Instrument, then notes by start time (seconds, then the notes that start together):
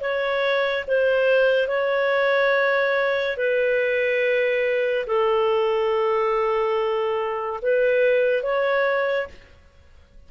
clarinet
0.00 C#5
0.87 C5
1.68 C#5
3.37 B4
5.07 A4
7.62 B4
8.43 C#5